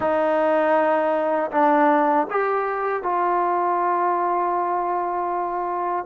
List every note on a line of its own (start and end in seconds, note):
0.00 1.51 D#4
1.51 2.27 D4
2.30 3.02 G4
3.02 6.05 F4